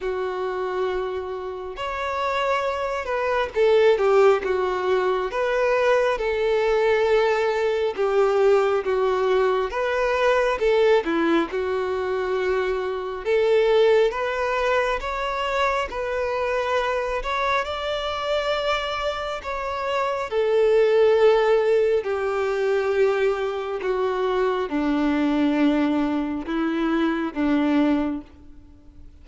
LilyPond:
\new Staff \with { instrumentName = "violin" } { \time 4/4 \tempo 4 = 68 fis'2 cis''4. b'8 | a'8 g'8 fis'4 b'4 a'4~ | a'4 g'4 fis'4 b'4 | a'8 e'8 fis'2 a'4 |
b'4 cis''4 b'4. cis''8 | d''2 cis''4 a'4~ | a'4 g'2 fis'4 | d'2 e'4 d'4 | }